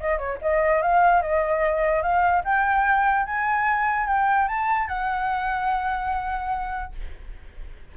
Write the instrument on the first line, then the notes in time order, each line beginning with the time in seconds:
flute
0.00 D#5
0.18 C#5
0.42 D#5
0.82 F5
1.22 D#5
2.02 F5
2.44 G5
3.26 G#5
4.07 G5
4.48 A5
4.88 F#5